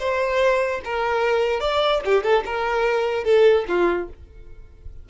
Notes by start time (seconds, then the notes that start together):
0.00 C5
0.85 A#4
1.61 D5
2.05 G4
2.24 A4
2.46 A#4
3.24 A4
3.69 F4